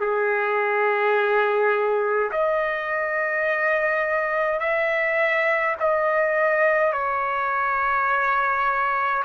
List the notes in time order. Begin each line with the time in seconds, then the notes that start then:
0.00 G#4
2.31 D#5
4.59 E5
5.80 D#5
6.92 C#5